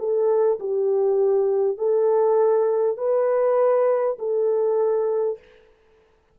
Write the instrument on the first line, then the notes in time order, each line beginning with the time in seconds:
horn
0.00 A4
0.60 G4
1.78 A4
2.98 B4
4.19 A4